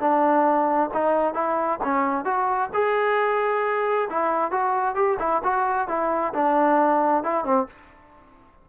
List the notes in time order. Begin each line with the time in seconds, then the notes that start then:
0.00 D4
0.94 D#4
1.34 E4
1.84 C#4
2.25 F#4
2.74 G#4
4.09 E4
4.51 F#4
4.95 G4
5.19 E4
5.44 F#4
5.88 E4
6.34 D4
7.24 E4
7.44 C4